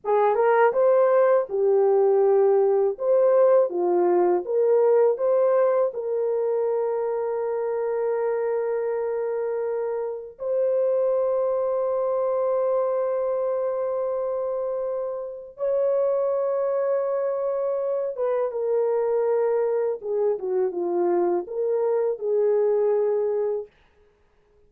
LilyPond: \new Staff \with { instrumentName = "horn" } { \time 4/4 \tempo 4 = 81 gis'8 ais'8 c''4 g'2 | c''4 f'4 ais'4 c''4 | ais'1~ | ais'2 c''2~ |
c''1~ | c''4 cis''2.~ | cis''8 b'8 ais'2 gis'8 fis'8 | f'4 ais'4 gis'2 | }